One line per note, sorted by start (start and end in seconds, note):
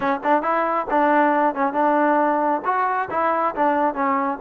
0.00 0.20 C#4
0.23 0.42 D4
0.42 0.86 E4
0.90 1.54 D4
1.54 1.73 C#4
1.73 2.61 D4
2.65 3.09 F#4
3.10 3.54 E4
3.55 3.94 D4
3.94 4.38 C#4